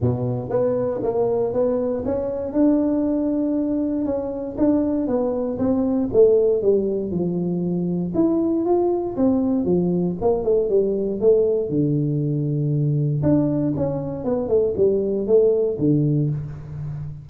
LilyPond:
\new Staff \with { instrumentName = "tuba" } { \time 4/4 \tempo 4 = 118 b,4 b4 ais4 b4 | cis'4 d'2. | cis'4 d'4 b4 c'4 | a4 g4 f2 |
e'4 f'4 c'4 f4 | ais8 a8 g4 a4 d4~ | d2 d'4 cis'4 | b8 a8 g4 a4 d4 | }